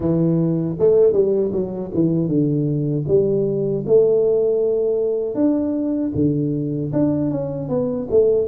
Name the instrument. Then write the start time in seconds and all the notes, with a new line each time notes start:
tuba
0.00 E3
0.79 A3
1.12 G3
1.52 F#3
1.94 E3
2.28 D3
3.07 G3
3.86 A3
5.34 D4
6.14 D3
6.92 D4
7.30 C#4
7.69 B3
8.10 A3